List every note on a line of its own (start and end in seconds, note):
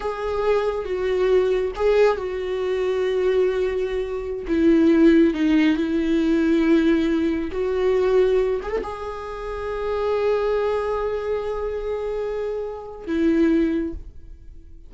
0.00 0.84 G#4
0.84 1.71 F#4
1.75 2.17 G#4
2.17 4.45 F#4
4.47 5.34 E4
5.34 5.76 D#4
5.76 7.50 E4
7.51 8.60 F#4
8.62 8.70 G#4
8.70 8.81 A4
8.83 13.06 G#4
13.06 13.93 E4